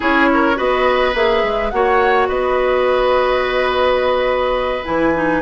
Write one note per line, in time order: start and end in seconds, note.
0.00 0.59 C#4
0.00 0.55 E4
0.00 0.29 G#4
0.00 0.58 C#5
0.33 0.57 A#4
0.55 1.14 B3
0.55 1.12 F#4
0.55 1.71 B4
0.55 1.15 D#5
1.14 1.43 A#3
1.14 1.72 G#4
1.14 1.70 E5
1.43 1.71 G#3
1.70 2.28 A#3
1.70 4.84 F#4
1.70 2.28 C#5
1.70 2.27 F#5
2.28 4.85 B3
2.28 5.41 B4
2.28 4.85 D#5
4.84 5.41 E3
4.84 5.13 E4
4.84 5.41 G#5
5.14 5.41 D#4